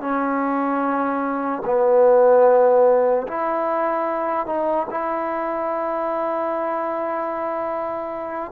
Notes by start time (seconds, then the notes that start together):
0.00 C#4
1.64 B3
3.27 E4
4.46 D#4
4.90 E4